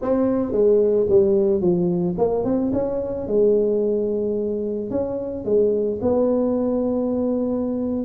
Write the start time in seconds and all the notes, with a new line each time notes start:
0.01 C4
0.52 G#3
1.09 G3
1.60 F3
2.18 A#3
2.44 C4
2.72 C#4
3.27 G#3
4.90 C#4
5.44 G#3
6.01 B3